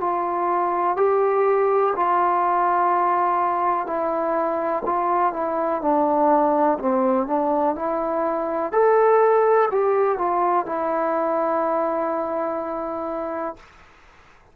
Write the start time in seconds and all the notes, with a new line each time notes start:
0.00 F4
0.96 G4
1.96 F4
3.86 E4
4.85 F4
5.33 E4
5.82 D4
6.79 C4
7.27 D4
7.76 E4
8.72 A4
9.71 G4
10.18 F4
10.66 E4